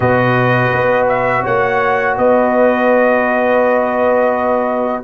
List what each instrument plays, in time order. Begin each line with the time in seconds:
0.00 tuba B2, trombone F#4, horn B4, trumpet D#5
0.72 tuba B3
1.08 trumpet E5
1.42 tuba A#3, horn C#5, trumpet F#5
2.17 tuba B3, horn B4, trumpet D#5